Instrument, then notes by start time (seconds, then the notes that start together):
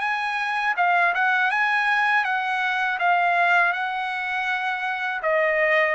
trumpet
0.00 G#5
0.76 F5
1.14 F#5
1.51 G#5
2.24 F#5
2.99 F5
3.73 F#5
5.22 D#5